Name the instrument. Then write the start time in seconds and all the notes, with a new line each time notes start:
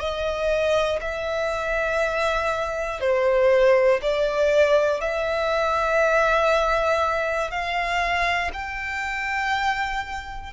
violin
0.00 D#5
1.01 E5
3.01 C5
4.02 D5
5.01 E5
7.51 F5
8.53 G5